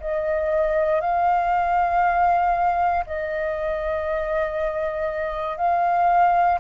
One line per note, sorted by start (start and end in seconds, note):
0.00 1.01 D#5
1.01 3.04 F5
3.06 5.57 D#5
5.57 6.59 F5